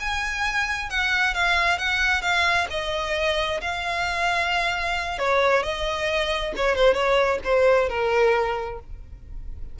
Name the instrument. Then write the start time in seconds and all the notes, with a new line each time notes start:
violin
0.00 G#5
0.90 F#5
1.35 F5
1.79 F#5
2.22 F5
2.71 D#5
3.61 F5
5.19 C#5
5.63 D#5
6.57 C#5
6.76 C5
6.94 C#5
7.44 C5
7.89 A#4